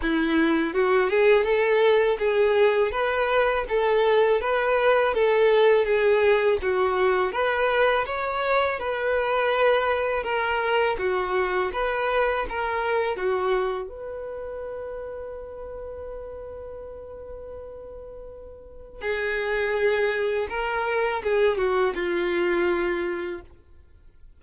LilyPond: \new Staff \with { instrumentName = "violin" } { \time 4/4 \tempo 4 = 82 e'4 fis'8 gis'8 a'4 gis'4 | b'4 a'4 b'4 a'4 | gis'4 fis'4 b'4 cis''4 | b'2 ais'4 fis'4 |
b'4 ais'4 fis'4 b'4~ | b'1~ | b'2 gis'2 | ais'4 gis'8 fis'8 f'2 | }